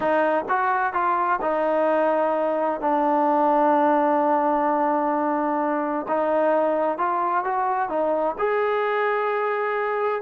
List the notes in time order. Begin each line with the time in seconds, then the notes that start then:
0.00 D#4
0.48 F#4
0.93 F4
1.41 D#4
2.80 D4
6.07 D#4
6.98 F4
7.44 F#4
7.89 D#4
8.38 G#4